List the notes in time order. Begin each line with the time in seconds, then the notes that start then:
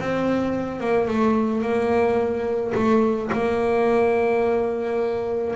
0.00 C4
0.80 A#3
1.08 A3
1.62 A#3
2.74 A3
3.32 A#3